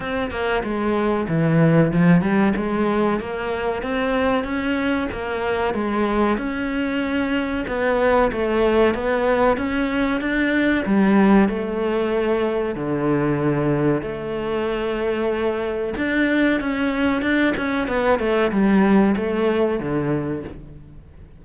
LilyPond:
\new Staff \with { instrumentName = "cello" } { \time 4/4 \tempo 4 = 94 c'8 ais8 gis4 e4 f8 g8 | gis4 ais4 c'4 cis'4 | ais4 gis4 cis'2 | b4 a4 b4 cis'4 |
d'4 g4 a2 | d2 a2~ | a4 d'4 cis'4 d'8 cis'8 | b8 a8 g4 a4 d4 | }